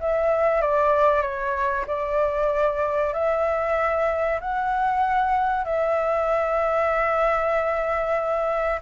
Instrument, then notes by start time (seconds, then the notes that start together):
flute
0.00 E5
0.61 D5
1.21 C#5
1.87 D5
3.13 E5
4.40 F#5
5.64 E5